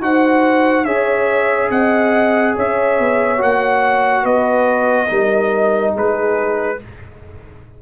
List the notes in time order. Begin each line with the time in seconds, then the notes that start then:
0.00 D#4 F#4 C5 F#5
0.84 C#4 G#4 C#5 E5
1.70 C4 D#5 F#5
2.55 C#4 C#5 E5
2.99 B3
3.37 A#3 F#4 F#5
4.22 B3 B4 D#5
5.08 G3 D#4 A#4
5.93 G#3 G#4 B4